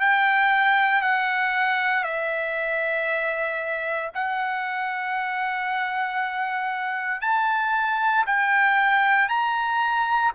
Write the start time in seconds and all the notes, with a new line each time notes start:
0.00 G5
1.02 F#5
2.04 E5
4.15 F#5
7.22 A5
8.27 G5
9.29 A#5